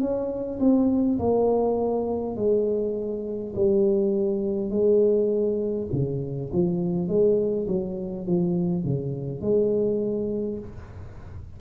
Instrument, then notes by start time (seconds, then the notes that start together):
tuba
0.00 C#4
0.59 C4
1.19 A#3
2.36 G#3
3.55 G3
4.70 G#3
5.92 C#3
6.52 F3
7.08 G#3
7.67 F#3
8.26 F3
8.84 C#3
9.41 G#3